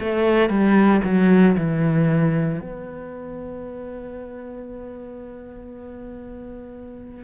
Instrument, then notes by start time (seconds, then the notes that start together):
cello
0.00 A3
0.50 G3
1.05 F#3
1.58 E3
2.61 B3